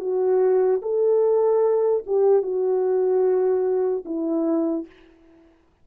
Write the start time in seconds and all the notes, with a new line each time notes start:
0.00 F#4
0.82 A4
2.06 G4
2.42 F#4
4.05 E4